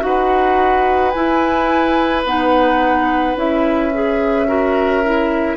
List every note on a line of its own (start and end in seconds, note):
0.00 1.14 D#4
0.00 1.11 F#4
0.00 1.11 F#5
0.06 4.48 B4
1.11 2.26 E4
1.11 2.25 E4
1.11 2.22 G#5
2.25 3.36 B3
2.25 3.36 D#4
2.25 3.38 F#5
3.36 5.57 C#4
3.36 3.92 E4
3.36 5.57 E5
3.94 4.47 G#4
4.47 5.03 F#4
4.47 5.57 A#4
5.05 5.57 E4